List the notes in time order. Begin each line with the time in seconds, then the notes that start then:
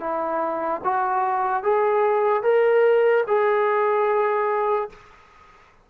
0.00 E4
0.84 F#4
1.63 G#4
2.43 A#4
3.27 G#4